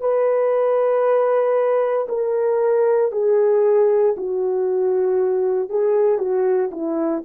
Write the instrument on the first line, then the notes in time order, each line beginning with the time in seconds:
horn
0.00 B4
2.08 A#4
3.11 G#4
4.17 F#4
5.69 G#4
6.18 F#4
6.71 E4